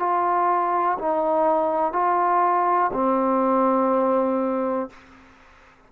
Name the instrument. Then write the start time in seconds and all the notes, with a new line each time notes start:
trombone
0.00 F4
0.99 D#4
1.93 F4
2.93 C4